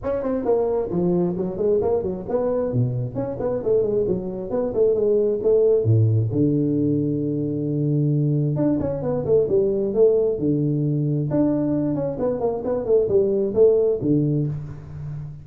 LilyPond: \new Staff \with { instrumentName = "tuba" } { \time 4/4 \tempo 4 = 133 cis'8 c'8 ais4 f4 fis8 gis8 | ais8 fis8 b4 b,4 cis'8 b8 | a8 gis8 fis4 b8 a8 gis4 | a4 a,4 d2~ |
d2. d'8 cis'8 | b8 a8 g4 a4 d4~ | d4 d'4. cis'8 b8 ais8 | b8 a8 g4 a4 d4 | }